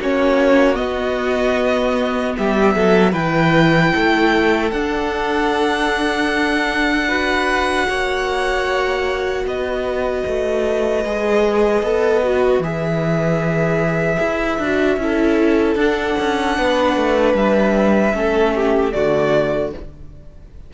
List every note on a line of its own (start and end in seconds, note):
0.00 0.79 A#3
0.00 0.75 C#4
0.00 2.37 F#4
0.00 0.76 C#5
0.75 3.12 B3
0.75 2.37 B3
0.75 2.34 D#5
2.37 2.76 G3
2.37 2.76 G4
2.37 3.14 E5
2.76 3.14 F#3
2.76 3.12 A4
3.12 3.93 E3
3.12 4.71 E4
3.12 3.91 B4
3.12 4.72 G5
3.95 4.72 A3
3.95 7.08 A4
4.72 7.88 D4
4.72 7.09 D4
4.72 9.46 F#5
7.08 11.04 F#4
7.08 7.87 B4
7.90 9.45 A#3
7.90 9.44 C#5
9.44 10.24 B3
9.44 14.97 B4
9.44 12.63 D#5
10.27 11.05 A3
11.05 11.83 G#3
11.05 11.84 G#4
11.83 12.60 B3
11.83 12.24 A4
12.24 12.63 F#4
12.60 14.18 E3
12.60 14.61 G#4
12.60 15.78 E5
14.20 14.59 E4
14.59 14.97 D4
14.59 15.01 F#4
14.97 15.75 C#4
14.97 15.79 E4
14.97 16.58 A4
15.75 16.15 D4
15.75 18.13 D4
15.75 17.36 F#5
16.19 16.59 C#4
16.58 16.97 B3
16.58 18.15 B4
16.97 17.35 A3
17.35 18.13 G3
17.35 18.93 E5
18.13 18.93 A3
18.13 18.92 C#4
18.13 18.55 A4
18.56 18.95 G4
18.93 19.74 D3
18.93 19.73 A3
18.93 19.74 F#4
18.93 19.72 D5